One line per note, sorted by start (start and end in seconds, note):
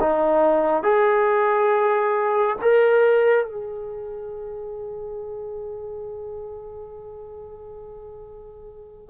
0.00 0.83 D#4
0.83 2.57 G#4
2.62 3.45 A#4
3.45 9.10 G#4